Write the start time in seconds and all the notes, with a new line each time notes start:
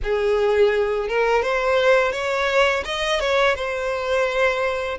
0.03 G#4
1.08 A#4
1.42 C5
2.12 C#5
2.84 D#5
3.19 C#5
3.55 C5